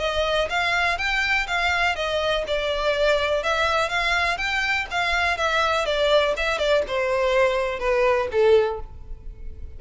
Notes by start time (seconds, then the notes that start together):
0.00 D#5
0.50 F5
0.99 G5
1.47 F5
1.96 D#5
2.47 D5
3.43 E5
3.90 F5
4.38 G5
4.91 F5
5.38 E5
5.86 D5
6.37 E5
6.59 D5
6.88 C5
7.80 B4
8.32 A4